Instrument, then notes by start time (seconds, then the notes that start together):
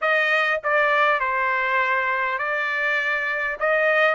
trumpet
0.01 D#5
0.63 D5
1.19 C5
2.38 D5
3.59 D#5